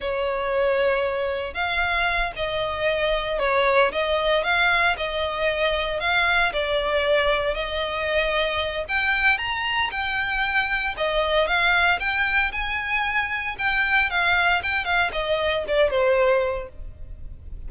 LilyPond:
\new Staff \with { instrumentName = "violin" } { \time 4/4 \tempo 4 = 115 cis''2. f''4~ | f''8 dis''2 cis''4 dis''8~ | dis''8 f''4 dis''2 f''8~ | f''8 d''2 dis''4.~ |
dis''4 g''4 ais''4 g''4~ | g''4 dis''4 f''4 g''4 | gis''2 g''4 f''4 | g''8 f''8 dis''4 d''8 c''4. | }